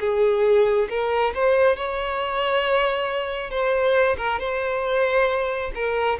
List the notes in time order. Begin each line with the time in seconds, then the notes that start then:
0.00 G#4
0.89 A#4
1.34 C5
1.76 C#5
3.50 C5
4.17 A#4
4.39 C5
5.74 A#4